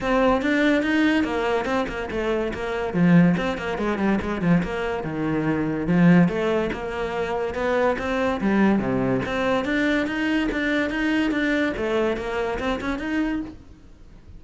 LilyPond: \new Staff \with { instrumentName = "cello" } { \time 4/4 \tempo 4 = 143 c'4 d'4 dis'4 ais4 | c'8 ais8 a4 ais4 f4 | c'8 ais8 gis8 g8 gis8 f8 ais4 | dis2 f4 a4 |
ais2 b4 c'4 | g4 c4 c'4 d'4 | dis'4 d'4 dis'4 d'4 | a4 ais4 c'8 cis'8 dis'4 | }